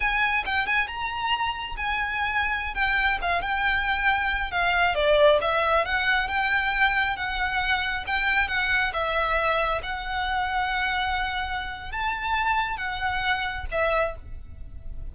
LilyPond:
\new Staff \with { instrumentName = "violin" } { \time 4/4 \tempo 4 = 136 gis''4 g''8 gis''8 ais''2 | gis''2~ gis''16 g''4 f''8 g''16~ | g''2~ g''16 f''4 d''8.~ | d''16 e''4 fis''4 g''4.~ g''16~ |
g''16 fis''2 g''4 fis''8.~ | fis''16 e''2 fis''4.~ fis''16~ | fis''2. a''4~ | a''4 fis''2 e''4 | }